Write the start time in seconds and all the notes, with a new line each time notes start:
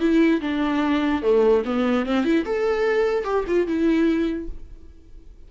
0.00 E4
0.41 D4
1.22 A3
1.65 B3
2.06 C4
2.25 E4
2.46 A4
3.24 G4
3.48 F4
3.67 E4